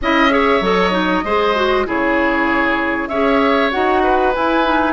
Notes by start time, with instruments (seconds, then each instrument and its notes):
0.01 bassoon C#4, clarinet E4, oboe D#5, flute E5
0.30 clarinet G#4, oboe C#5
0.60 bassoon F#3, clarinet A4, flute D#5
0.91 clarinet D#4
1.24 bassoon G#3, clarinet G#4, oboe C5
1.55 clarinet F#4
1.85 bassoon C#3, clarinet E4, oboe G#4, flute C#5
3.08 bassoon C#4, clarinet G#4, oboe C#5, flute E5
3.71 bassoon D#4, clarinet F#4, flute F#5
4.03 oboe B4
4.34 clarinet E4, bassoon E4, flute G#5
4.64 clarinet D#4